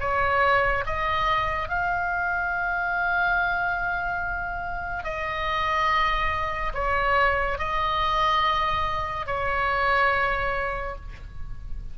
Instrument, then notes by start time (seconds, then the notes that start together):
oboe
0.00 C#5
0.86 D#5
1.69 F5
5.04 D#5
6.74 C#5
7.59 D#5
9.27 C#5